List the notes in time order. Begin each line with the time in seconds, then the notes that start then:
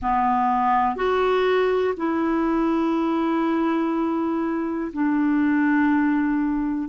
0.01 B3
0.96 F#4
1.97 E4
4.92 D4